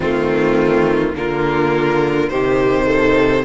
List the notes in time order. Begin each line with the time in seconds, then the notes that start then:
0.00 D#3 A3 C4 F4
1.13 D3 A#3 F4 A#4
2.29 C3 D#3 G4 C5
2.86 A4